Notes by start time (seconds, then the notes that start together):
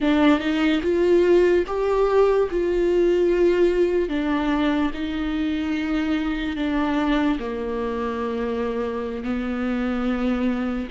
0.00 D4
0.39 D#4
0.82 F4
1.66 G4
2.50 F4
4.09 D4
4.93 D#4
6.56 D4
7.39 A#3
9.24 B3